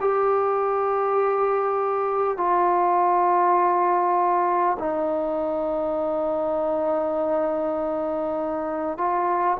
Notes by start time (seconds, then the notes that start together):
0.00 G4
2.37 F4
4.79 D#4
8.98 F4